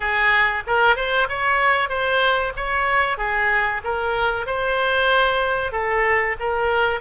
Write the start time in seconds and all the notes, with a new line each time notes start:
0.00 G#4
0.66 A#4
0.96 C5
1.29 C#5
1.89 C5
2.56 C#5
3.17 G#4
3.84 A#4
4.46 C5
5.72 A4
6.39 A#4